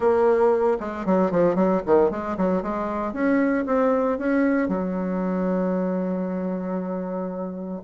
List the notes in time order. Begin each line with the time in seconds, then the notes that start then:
0.00 A#3
0.80 G#3
1.05 F#3
1.31 F3
1.55 F#3
1.85 D#3
2.10 G#3
2.37 F#3
2.62 G#3
3.13 C#4
3.66 C4
4.18 C#4
4.68 F#3